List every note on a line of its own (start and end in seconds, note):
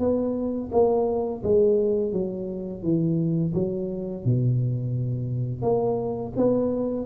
0.00 0.71 B3
0.72 1.43 A#3
1.44 2.13 G#3
2.13 2.83 F#3
2.83 3.54 E3
3.55 4.25 F#3
4.25 5.63 B2
5.63 6.33 A#3
6.37 7.07 B3